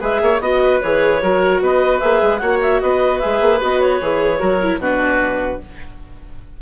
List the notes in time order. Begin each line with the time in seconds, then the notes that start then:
0.00 G#3 G#4 B4 E5
0.21 A#3 C#5
0.40 B3 F#4 D#5
0.62 B4
0.80 E3 G#4 C#5
1.21 F#3 F#4 A#4
1.61 B3 B4 D#5
1.99 A#3 G#4 E5
2.22 G#3
2.37 A#3 F#4 C#5 F#5
2.62 E5
2.80 B3 B4 D#5
3.19 G#4 E5
3.25 G#3
3.40 A#3
3.61 B3 F#4 D#5
3.80 C#5
4.00 E3 G#4
4.39 F#3 F#4 A#4
4.62 E4
4.77 B2 D4 F#4 B4